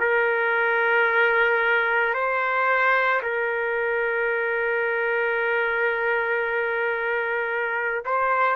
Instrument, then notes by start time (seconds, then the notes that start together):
trumpet
0.00 A#4
2.14 C5
3.22 A#4
8.06 C5